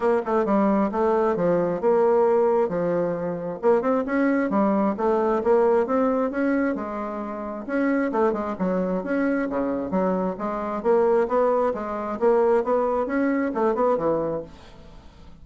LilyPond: \new Staff \with { instrumentName = "bassoon" } { \time 4/4 \tempo 4 = 133 ais8 a8 g4 a4 f4 | ais2 f2 | ais8 c'8 cis'4 g4 a4 | ais4 c'4 cis'4 gis4~ |
gis4 cis'4 a8 gis8 fis4 | cis'4 cis4 fis4 gis4 | ais4 b4 gis4 ais4 | b4 cis'4 a8 b8 e4 | }